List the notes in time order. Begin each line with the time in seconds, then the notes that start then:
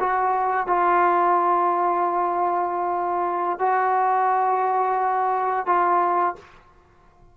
0.00 F#4
0.67 F4
3.60 F#4
5.67 F4